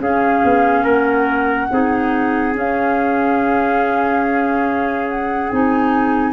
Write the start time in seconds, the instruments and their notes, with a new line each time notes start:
0.00 tuba C#4, clarinet C#4, trumpet G#4, flute F5
0.44 tuba B3
0.84 tuba A#3, trumpet A#4, flute F#5
1.71 tuba C4, clarinet D#4, trumpet G#4
2.54 clarinet C#4, tuba C#4, flute F5
5.09 flute F#5
5.50 tuba C4, clarinet D#4, flute G#5